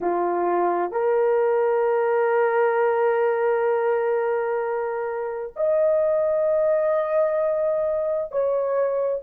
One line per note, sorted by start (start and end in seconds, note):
0.00 0.91 F4
0.91 5.53 A#4
5.56 8.31 D#5
8.31 9.22 C#5